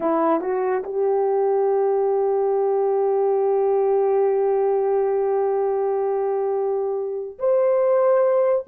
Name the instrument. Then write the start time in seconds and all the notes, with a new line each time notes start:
horn
0.00 E4
0.40 F#4
0.83 G4
7.39 C5